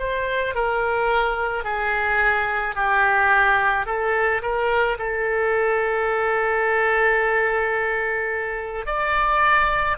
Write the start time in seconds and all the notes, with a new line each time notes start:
0.00 C5
0.55 A#4
1.65 G#4
2.76 G4
3.86 A4
4.42 A#4
4.98 A4
8.86 D5